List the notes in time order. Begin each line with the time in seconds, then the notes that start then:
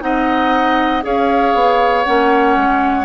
0.00 C4 D#4 D#5 F#5
1.02 C#4 G#4 C#5 F5
1.54 B3
2.04 A#3 C#4 F#5
2.57 G#3